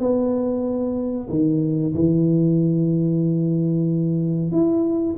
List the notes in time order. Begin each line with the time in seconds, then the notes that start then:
0.00 B3
1.30 D#3
1.94 E3
4.52 E4